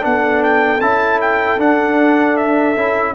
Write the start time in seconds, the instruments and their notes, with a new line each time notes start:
0.00 tuba B3, trombone D4, horn A4, trumpet F#5
0.43 trumpet G5
0.81 tuba C#4, trombone E4, trumpet A5
1.21 trumpet G5
1.58 tuba D4, trombone D4, trumpet F#5
2.36 trumpet E5
2.76 tuba C#4, trombone E4